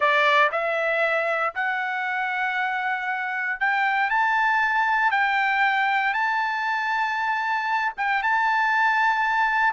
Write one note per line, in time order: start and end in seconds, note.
0.00 0.50 D5
0.51 1.54 E5
1.54 3.59 F#5
3.59 4.10 G5
4.10 5.11 A5
5.11 6.13 G5
6.13 7.93 A5
7.97 8.22 G5
8.22 9.73 A5